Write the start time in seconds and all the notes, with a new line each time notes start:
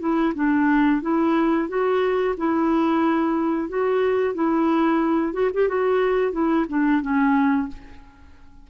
0.00 E4
0.35 D4
1.02 E4
1.69 F#4
2.38 E4
3.69 F#4
4.35 E4
5.34 F#4
5.54 G4
5.69 F#4
6.33 E4
6.69 D4
7.02 C#4